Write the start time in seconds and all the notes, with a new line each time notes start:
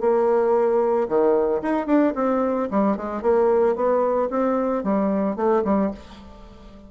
0.00 A#3
1.08 D#3
1.61 D#4
1.86 D4
2.15 C4
2.70 G3
2.96 G#3
3.21 A#3
3.75 B3
4.30 C4
4.83 G3
5.36 A3
5.64 G3